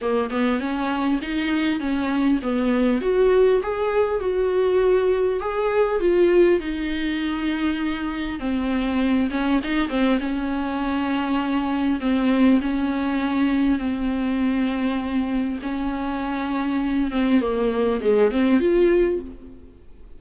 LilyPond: \new Staff \with { instrumentName = "viola" } { \time 4/4 \tempo 4 = 100 ais8 b8 cis'4 dis'4 cis'4 | b4 fis'4 gis'4 fis'4~ | fis'4 gis'4 f'4 dis'4~ | dis'2 c'4. cis'8 |
dis'8 c'8 cis'2. | c'4 cis'2 c'4~ | c'2 cis'2~ | cis'8 c'8 ais4 gis8 c'8 f'4 | }